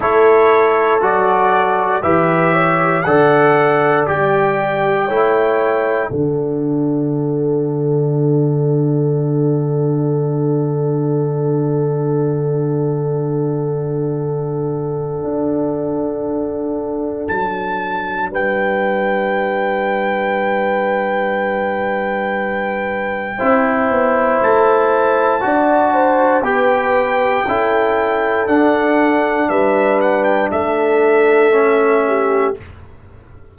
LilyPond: <<
  \new Staff \with { instrumentName = "trumpet" } { \time 4/4 \tempo 4 = 59 cis''4 d''4 e''4 fis''4 | g''2 fis''2~ | fis''1~ | fis''1~ |
fis''4 a''4 g''2~ | g''1 | a''2 g''2 | fis''4 e''8 fis''16 g''16 e''2 | }
  \new Staff \with { instrumentName = "horn" } { \time 4/4 a'2 b'8 cis''8 d''4~ | d''4 cis''4 a'2~ | a'1~ | a'1~ |
a'2 b'2~ | b'2. c''4~ | c''4 d''8 c''8 b'4 a'4~ | a'4 b'4 a'4. g'8 | }
  \new Staff \with { instrumentName = "trombone" } { \time 4/4 e'4 fis'4 g'4 a'4 | g'4 e'4 d'2~ | d'1~ | d'1~ |
d'1~ | d'2. e'4~ | e'4 fis'4 g'4 e'4 | d'2. cis'4 | }
  \new Staff \with { instrumentName = "tuba" } { \time 4/4 a4 fis4 e4 d4 | g4 a4 d2~ | d1~ | d2. d'4~ |
d'4 fis4 g2~ | g2. c'8 b8 | a4 d'4 b4 cis'4 | d'4 g4 a2 | }
>>